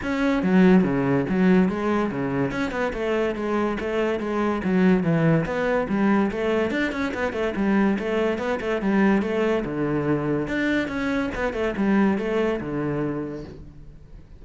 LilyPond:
\new Staff \with { instrumentName = "cello" } { \time 4/4 \tempo 4 = 143 cis'4 fis4 cis4 fis4 | gis4 cis4 cis'8 b8 a4 | gis4 a4 gis4 fis4 | e4 b4 g4 a4 |
d'8 cis'8 b8 a8 g4 a4 | b8 a8 g4 a4 d4~ | d4 d'4 cis'4 b8 a8 | g4 a4 d2 | }